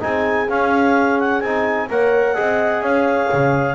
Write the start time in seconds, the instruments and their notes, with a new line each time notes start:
0.00 double bass C4, trombone D#4, horn G#4, clarinet G#5
0.50 trombone C#4, double bass C#4, clarinet F5
1.20 clarinet F#5
1.41 double bass C4, trombone D#4, clarinet G#5
1.89 double bass A#3, trombone A#4, horn C#5, clarinet F#5
2.35 double bass C4, trombone G#4, horn D#5
2.81 double bass C#4, horn C#5, clarinet F5
3.33 double bass C#3